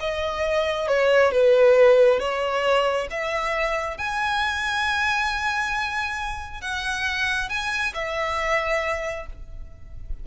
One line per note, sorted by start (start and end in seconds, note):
0.00 0.88 D#5
0.88 1.32 C#5
1.32 2.19 B4
2.19 3.08 C#5
3.10 3.97 E5
3.97 6.61 G#5
6.61 7.49 F#5
7.49 7.93 G#5
7.94 9.26 E5